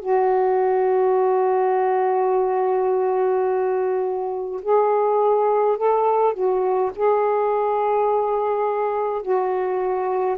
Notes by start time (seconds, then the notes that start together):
0.00 F#4
4.62 G#4
5.77 A4
6.34 F#4
6.95 G#4
9.22 F#4